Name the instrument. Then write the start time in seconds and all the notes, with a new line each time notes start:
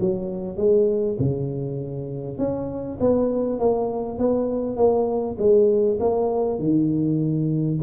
tuba
0.00 F#3
0.57 G#3
1.19 C#3
2.38 C#4
3.00 B3
3.59 A#3
4.18 B3
4.76 A#3
5.38 G#3
5.99 A#3
6.59 D#3